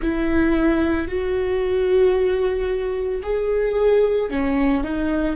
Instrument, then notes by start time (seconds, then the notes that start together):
viola
0.02 E4
1.07 F#4
3.22 G#4
4.30 C#4
4.83 D#4